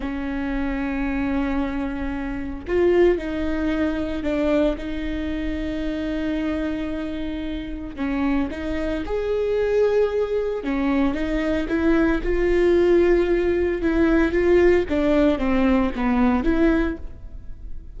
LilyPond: \new Staff \with { instrumentName = "viola" } { \time 4/4 \tempo 4 = 113 cis'1~ | cis'4 f'4 dis'2 | d'4 dis'2.~ | dis'2. cis'4 |
dis'4 gis'2. | cis'4 dis'4 e'4 f'4~ | f'2 e'4 f'4 | d'4 c'4 b4 e'4 | }